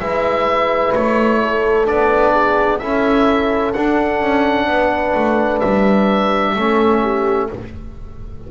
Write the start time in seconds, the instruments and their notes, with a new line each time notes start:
0.00 double bass G#3, trombone E4, horn B4, oboe E5
0.95 double bass A3, oboe C#5
1.41 horn A4
1.86 double bass B3, trombone D4, oboe D5
2.33 horn G#4
2.79 double bass C#4, trombone E4, horn A4, oboe E5
3.73 double bass D4, trombone D4, oboe F#5
4.21 double bass C#4
4.67 double bass B3
4.73 horn B4
5.15 double bass A3
5.60 double bass G3, oboe E5
6.54 double bass A3, trombone C#4, horn A4
7.03 horn G4